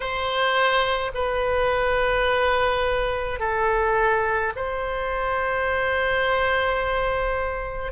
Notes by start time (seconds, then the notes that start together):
0.00 C5
1.14 B4
3.40 A4
4.55 C5